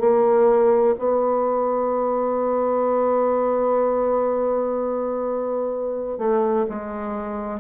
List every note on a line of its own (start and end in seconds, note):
0.00 0.95 A#3
0.98 6.18 B3
6.18 6.66 A3
6.69 7.60 G#3